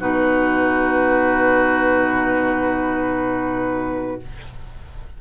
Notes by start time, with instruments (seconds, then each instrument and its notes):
0.00 bassoon B2, clarinet D#4, oboe F#4, flute B4